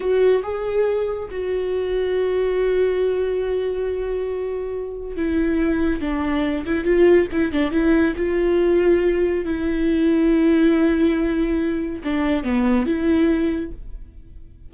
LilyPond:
\new Staff \with { instrumentName = "viola" } { \time 4/4 \tempo 4 = 140 fis'4 gis'2 fis'4~ | fis'1~ | fis'1 | e'2 d'4. e'8 |
f'4 e'8 d'8 e'4 f'4~ | f'2 e'2~ | e'1 | d'4 b4 e'2 | }